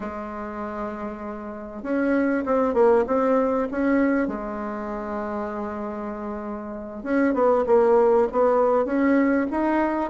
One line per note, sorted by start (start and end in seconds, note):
0.00 1.83 G#3
1.83 2.44 C#4
2.45 2.74 C4
2.74 3.04 A#3
3.06 3.67 C4
3.71 4.27 C#4
4.27 7.03 G#3
7.03 7.33 C#4
7.33 7.64 B3
7.66 8.27 A#3
8.32 8.85 B3
8.85 9.46 C#4
9.50 10.10 D#4